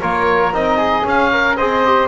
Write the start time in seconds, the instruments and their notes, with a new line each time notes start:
0.00 double bass A#3, trombone F4, flute A#4, oboe C#5
0.53 double bass C4, trombone D#4, oboe D#5
0.77 flute G#4
1.03 trombone C#4, double bass C#4, oboe F5
1.32 flute A#4
1.57 double bass C4, trombone G#4, flute C5, oboe D#5
1.85 trombone G4